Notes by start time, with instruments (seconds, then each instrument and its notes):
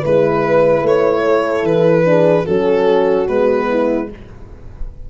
0.00 tuba G#3, horn E4 B4, violin B4
0.82 tuba A3, violin C#5
1.25 horn A4
1.63 tuba E3, violin B4
2.05 horn D4 G#4
2.45 tuba F#3, horn C#4 F#4, violin A4
3.28 tuba G#3, horn B3, violin B4
3.70 horn E4